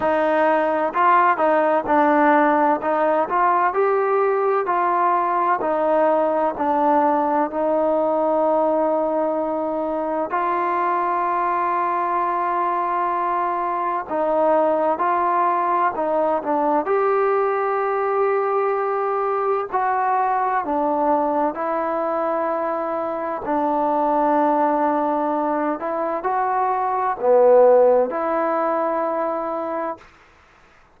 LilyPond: \new Staff \with { instrumentName = "trombone" } { \time 4/4 \tempo 4 = 64 dis'4 f'8 dis'8 d'4 dis'8 f'8 | g'4 f'4 dis'4 d'4 | dis'2. f'4~ | f'2. dis'4 |
f'4 dis'8 d'8 g'2~ | g'4 fis'4 d'4 e'4~ | e'4 d'2~ d'8 e'8 | fis'4 b4 e'2 | }